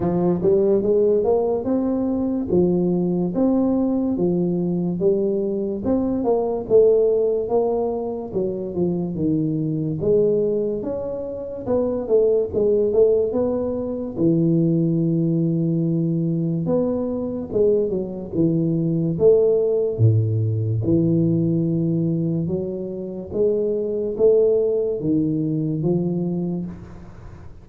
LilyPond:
\new Staff \with { instrumentName = "tuba" } { \time 4/4 \tempo 4 = 72 f8 g8 gis8 ais8 c'4 f4 | c'4 f4 g4 c'8 ais8 | a4 ais4 fis8 f8 dis4 | gis4 cis'4 b8 a8 gis8 a8 |
b4 e2. | b4 gis8 fis8 e4 a4 | a,4 e2 fis4 | gis4 a4 dis4 f4 | }